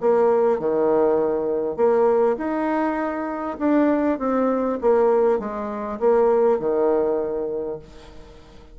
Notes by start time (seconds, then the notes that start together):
0.00 A#3
0.59 D#3
1.76 A#3
2.37 D#4
3.58 D4
4.19 C4
4.81 A#3
5.39 G#3
5.99 A#3
6.59 D#3